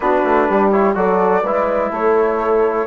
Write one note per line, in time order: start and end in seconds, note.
0.00 0.21 B3
0.00 0.72 D4
0.00 0.48 F#4
0.00 0.70 B4
0.24 0.48 A3
0.48 0.95 G3
0.48 0.96 G4
0.70 0.94 E4
0.70 0.94 C#5
0.94 1.43 F#3
0.94 1.42 F#4
0.94 1.43 A4
0.94 1.90 D5
1.43 1.91 G#3
1.43 2.87 E4
1.43 1.91 B4
1.91 2.87 A3
1.91 2.87 A4
1.91 2.87 C#5